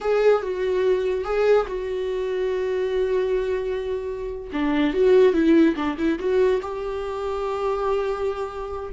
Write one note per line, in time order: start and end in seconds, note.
0.00 0.42 G#4
0.42 1.24 F#4
1.24 1.66 G#4
1.67 4.50 F#4
4.53 4.93 D4
4.93 5.33 F#4
5.33 5.75 E4
5.75 5.96 D4
5.98 6.18 E4
6.19 6.61 F#4
6.62 8.92 G4